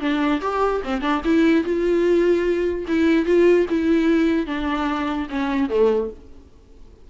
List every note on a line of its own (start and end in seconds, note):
0.00 0.41 D4
0.41 0.81 G4
0.83 1.01 C4
1.01 1.21 D4
1.24 1.64 E4
1.64 2.85 F4
2.87 3.25 E4
3.25 3.66 F4
3.69 4.46 E4
4.46 5.27 D4
5.29 5.69 C#4
5.69 6.10 A3